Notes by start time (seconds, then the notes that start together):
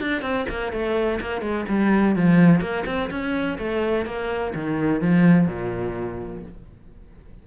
0.00 D4
0.21 C4
0.49 A#3
0.72 A3
1.20 A#3
1.41 G#3
1.68 G3
2.15 F3
2.60 A#3
2.86 C4
3.10 C#4
3.58 A3
4.05 A#3
4.54 D#3
5.01 F3
5.47 A#2